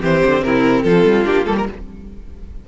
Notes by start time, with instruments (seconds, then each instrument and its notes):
0.00 cello E3, viola C4, violin G4 C5
0.25 cello D3
0.42 cello C3, violin E4 A#4
0.82 cello F3, violin F4 A4
1.05 cello G3
1.24 cello A#3, viola D4, violin G4
1.45 cello G3, viola A#3, violin A4
1.57 violin A#4